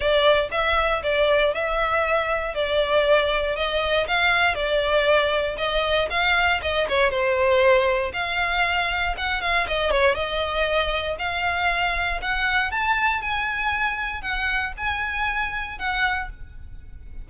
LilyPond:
\new Staff \with { instrumentName = "violin" } { \time 4/4 \tempo 4 = 118 d''4 e''4 d''4 e''4~ | e''4 d''2 dis''4 | f''4 d''2 dis''4 | f''4 dis''8 cis''8 c''2 |
f''2 fis''8 f''8 dis''8 cis''8 | dis''2 f''2 | fis''4 a''4 gis''2 | fis''4 gis''2 fis''4 | }